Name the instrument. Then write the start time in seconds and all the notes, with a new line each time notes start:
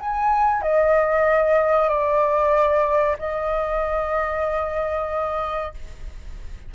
flute
0.00 G#5
0.62 D#5
1.89 D5
3.19 D#5